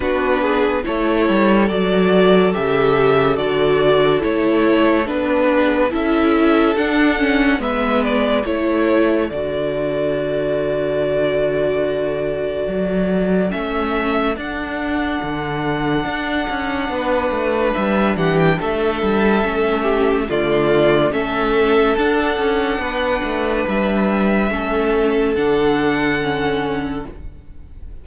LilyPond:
<<
  \new Staff \with { instrumentName = "violin" } { \time 4/4 \tempo 4 = 71 b'4 cis''4 d''4 e''4 | d''4 cis''4 b'4 e''4 | fis''4 e''8 d''8 cis''4 d''4~ | d''1 |
e''4 fis''2.~ | fis''4 e''8 fis''16 g''16 e''2 | d''4 e''4 fis''2 | e''2 fis''2 | }
  \new Staff \with { instrumentName = "violin" } { \time 4/4 fis'8 gis'8 a'2.~ | a'2~ a'8 gis'8 a'4~ | a'4 b'4 a'2~ | a'1~ |
a'1 | b'4. g'8 a'4. g'8 | f'4 a'2 b'4~ | b'4 a'2. | }
  \new Staff \with { instrumentName = "viola" } { \time 4/4 d'4 e'4 fis'4 g'4 | fis'4 e'4 d'4 e'4 | d'8 cis'8 b4 e'4 fis'4~ | fis'1 |
cis'4 d'2.~ | d'2. cis'4 | a4 cis'4 d'2~ | d'4 cis'4 d'4 cis'4 | }
  \new Staff \with { instrumentName = "cello" } { \time 4/4 b4 a8 g8 fis4 cis4 | d4 a4 b4 cis'4 | d'4 gis4 a4 d4~ | d2. fis4 |
a4 d'4 d4 d'8 cis'8 | b8 a8 g8 e8 a8 g8 a4 | d4 a4 d'8 cis'8 b8 a8 | g4 a4 d2 | }
>>